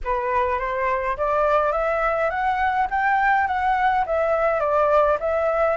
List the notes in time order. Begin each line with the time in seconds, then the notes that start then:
0.04 B4
0.59 C5
1.17 D5
1.72 E5
2.29 F#5
2.90 G5
3.47 F#5
4.06 E5
4.59 D5
5.20 E5